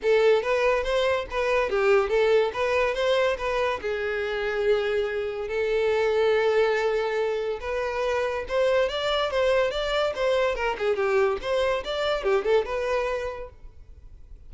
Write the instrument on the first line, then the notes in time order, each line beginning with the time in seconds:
violin
0.02 A4
0.42 B4
0.83 C5
1.30 B4
1.69 G4
2.09 A4
2.53 B4
2.94 C5
3.37 B4
3.81 G#4
5.48 A4
7.60 B4
8.48 C5
8.88 D5
9.31 C5
9.70 D5
10.15 C5
10.55 A#4
10.78 G#4
10.96 G4
11.41 C5
11.84 D5
12.23 G4
12.44 A4
12.65 B4